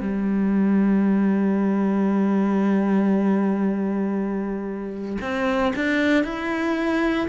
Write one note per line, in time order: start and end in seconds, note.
0.00 5.17 G3
5.21 5.73 C4
5.76 6.24 D4
6.24 7.27 E4